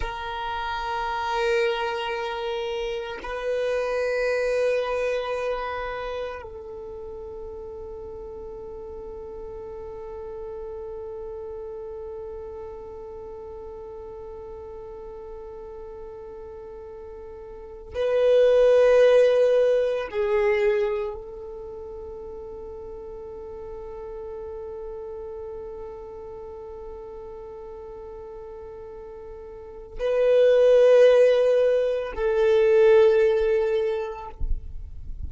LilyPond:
\new Staff \with { instrumentName = "violin" } { \time 4/4 \tempo 4 = 56 ais'2. b'4~ | b'2 a'2~ | a'1~ | a'1~ |
a'8. b'2 gis'4 a'16~ | a'1~ | a'1 | b'2 a'2 | }